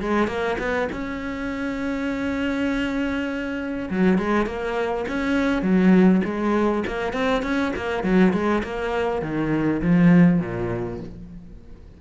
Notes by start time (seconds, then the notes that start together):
0.00 G#3
0.28 A#3
0.59 B3
0.92 C#4
3.90 F#3
4.18 G#3
4.46 A#3
5.08 C#4
5.62 F#3
6.25 G#3
6.87 A#3
7.13 C4
7.43 C#4
7.76 A#3
8.03 F#3
8.33 G#3
8.63 A#3
9.22 D#3
9.82 F3
10.40 A#2